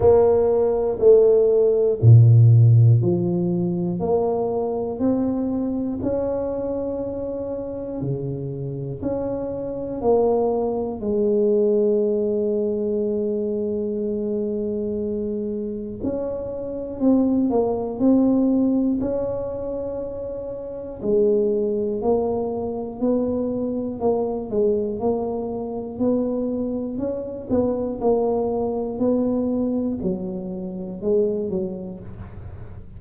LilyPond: \new Staff \with { instrumentName = "tuba" } { \time 4/4 \tempo 4 = 60 ais4 a4 ais,4 f4 | ais4 c'4 cis'2 | cis4 cis'4 ais4 gis4~ | gis1 |
cis'4 c'8 ais8 c'4 cis'4~ | cis'4 gis4 ais4 b4 | ais8 gis8 ais4 b4 cis'8 b8 | ais4 b4 fis4 gis8 fis8 | }